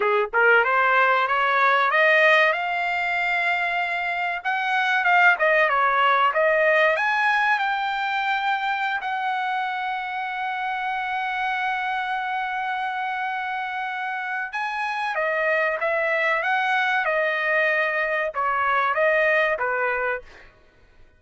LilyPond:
\new Staff \with { instrumentName = "trumpet" } { \time 4/4 \tempo 4 = 95 gis'8 ais'8 c''4 cis''4 dis''4 | f''2. fis''4 | f''8 dis''8 cis''4 dis''4 gis''4 | g''2~ g''16 fis''4.~ fis''16~ |
fis''1~ | fis''2. gis''4 | dis''4 e''4 fis''4 dis''4~ | dis''4 cis''4 dis''4 b'4 | }